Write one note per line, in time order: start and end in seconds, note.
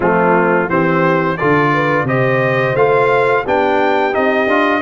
0.00 0.68 F3
0.00 0.69 A3
0.00 0.68 C4
0.00 0.69 F4
0.68 1.38 E3
0.68 1.38 C4
0.68 1.36 G4
0.68 1.37 C5
1.37 2.03 D3
1.37 2.07 F4
1.37 1.73 A4
1.37 2.06 D5
1.73 2.06 B4
2.03 2.72 C3
2.03 2.76 G4
2.03 3.43 C5
2.03 2.76 D#5
2.74 3.43 A3
2.74 3.45 F4
2.74 3.45 F5
3.43 4.15 B3
3.43 4.12 D4
3.43 4.81 G4
3.43 4.14 G5
4.12 4.46 C4
4.12 4.47 D#4
4.12 4.81 D#5
4.46 4.81 D4
4.46 4.81 F4